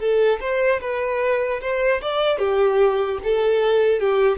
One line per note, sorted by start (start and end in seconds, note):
0.00 0.40 A4
0.41 0.81 C5
0.81 1.61 B4
1.61 2.01 C5
2.02 2.39 D5
2.39 3.19 G4
3.24 4.00 A4
4.00 4.38 G4